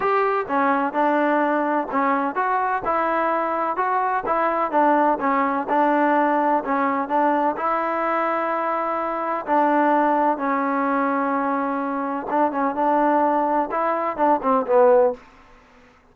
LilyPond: \new Staff \with { instrumentName = "trombone" } { \time 4/4 \tempo 4 = 127 g'4 cis'4 d'2 | cis'4 fis'4 e'2 | fis'4 e'4 d'4 cis'4 | d'2 cis'4 d'4 |
e'1 | d'2 cis'2~ | cis'2 d'8 cis'8 d'4~ | d'4 e'4 d'8 c'8 b4 | }